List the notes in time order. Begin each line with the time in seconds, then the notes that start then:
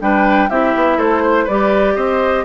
0.00 G3 D4 B4 G5
0.50 C4 E4 G4 E5
0.75 B3
0.98 A3 A4 C5
1.23 C5
1.45 G3 G4 B4 D5
1.96 C4 C5 D#5